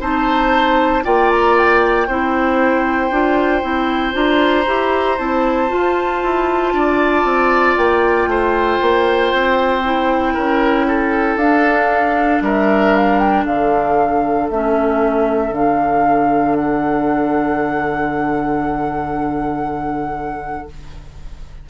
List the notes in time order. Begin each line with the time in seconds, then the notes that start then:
0.00 C4 D#4 C5 A5
1.03 A#3 F4 D5 G5
1.30 A#5
1.57 G5
2.07 C4 E4 C5
3.10 D4 F4
3.62 C4 E4
4.12 D4 F4 A#5
4.66 E4 G4
5.18 C4 E4 A5
5.68 F4
6.23 E4
6.72 D4 D5
7.24 C4
7.77 A#3 G5
8.26 A3 C5
8.81 A#3
9.33 C4
9.84 E4
10.34 C#4 A#4
10.87 A4
11.36 D4 F5
12.41 G3 A#4 E5
12.96 F5
13.18 G5
13.44 D3 A4 F5
14.49 A3 C#4 E5
15.50 D3 D4 F5
16.56 F#5